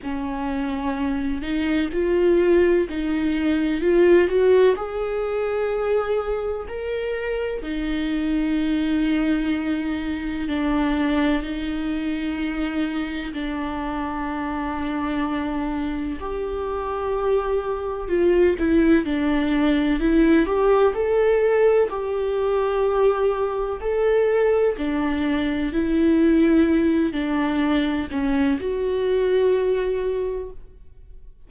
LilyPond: \new Staff \with { instrumentName = "viola" } { \time 4/4 \tempo 4 = 63 cis'4. dis'8 f'4 dis'4 | f'8 fis'8 gis'2 ais'4 | dis'2. d'4 | dis'2 d'2~ |
d'4 g'2 f'8 e'8 | d'4 e'8 g'8 a'4 g'4~ | g'4 a'4 d'4 e'4~ | e'8 d'4 cis'8 fis'2 | }